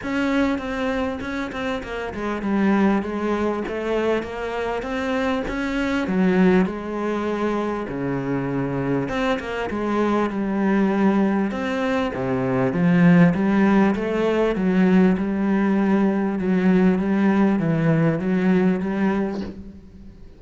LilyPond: \new Staff \with { instrumentName = "cello" } { \time 4/4 \tempo 4 = 99 cis'4 c'4 cis'8 c'8 ais8 gis8 | g4 gis4 a4 ais4 | c'4 cis'4 fis4 gis4~ | gis4 cis2 c'8 ais8 |
gis4 g2 c'4 | c4 f4 g4 a4 | fis4 g2 fis4 | g4 e4 fis4 g4 | }